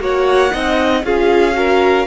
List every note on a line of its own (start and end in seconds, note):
0.00 0.52 A#3
0.00 0.51 F#4
0.00 0.53 C#5
0.00 1.05 F#5
0.51 1.03 C4
0.51 1.03 D#4
0.51 1.05 D#5
1.03 2.06 C#4
1.03 1.54 F4
1.03 1.57 G#4
1.03 2.06 F5
1.54 2.05 F#4
1.54 2.06 A#4